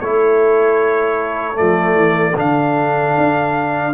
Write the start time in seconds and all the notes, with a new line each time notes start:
0.00 A3 E4 A4 C#5
1.54 A3 D5
1.60 F3
1.95 E3
2.35 D3 D4 F5
3.17 D4